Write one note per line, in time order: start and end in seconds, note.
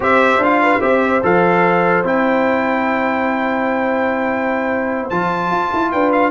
0.00 0.37 C4
0.00 0.41 G4
0.00 0.62 C5
0.00 0.43 E5
0.37 0.78 D4
0.37 0.81 F5
0.43 0.80 F4
0.62 0.80 B4
0.80 1.22 C4
0.80 1.21 G4
0.80 5.90 C5
0.80 1.21 E5
1.23 2.03 F3
1.23 2.04 A4
1.23 2.06 F5
2.03 5.09 C4
2.03 5.10 E4
2.03 5.09 G5
5.09 5.50 F3
5.09 6.30 F4
5.09 5.91 A5
5.50 5.71 F4
5.73 5.93 E4
5.91 6.30 D4
5.91 6.30 B4
5.91 6.12 G5
6.12 6.30 F5